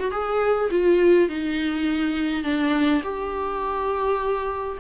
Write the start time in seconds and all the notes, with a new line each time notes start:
0.00 F#4
0.12 G#4
0.71 F4
1.29 D#4
2.44 D4
3.04 G4